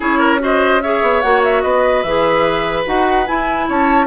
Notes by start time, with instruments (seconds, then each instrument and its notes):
0.00 bassoon C#4, clarinet E4, oboe G#4, flute C#5
0.18 oboe A#4
0.39 clarinet F#4, oboe C5, flute D#5
0.81 clarinet G#4, oboe C#5, flute E5
1.02 bassoon B3
1.21 bassoon A#3, clarinet F#4, flute F#5
1.43 flute E5
1.62 bassoon B3, oboe B4, flute D#5
2.03 bassoon E3, clarinet G#4, flute E5
2.85 bassoon D#4, clarinet F#4, flute F#5
3.26 clarinet E4, bassoon E4, flute G#5
3.68 bassoon C#4, oboe C#5, flute A5